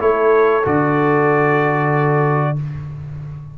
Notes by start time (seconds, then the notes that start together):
0.00 A3 E4 A4 C#5
0.65 D3 F#4 D5